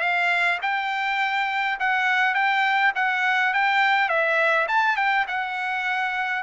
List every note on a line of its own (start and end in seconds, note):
0.00 0.58 F5
0.62 1.78 G5
1.79 2.34 F#5
2.34 2.92 G5
2.95 3.53 F#5
3.53 4.08 G5
4.08 4.67 E5
4.68 4.96 A5
4.96 5.25 G5
5.27 6.42 F#5